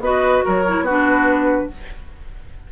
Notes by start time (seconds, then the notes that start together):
0.00 B3 F#4 B4 D#5
0.44 F#3 A#4 C#5
0.67 E4
0.81 B3 F#4
0.88 D4 B4